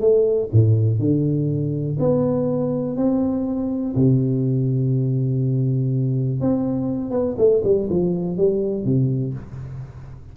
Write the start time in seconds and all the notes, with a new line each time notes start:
0.00 A3
0.52 A2
0.99 D3
1.99 B3
2.96 C4
3.95 C3
6.40 C4
7.10 B3
7.37 A3
7.64 G3
7.90 F3
8.37 G3
8.84 C3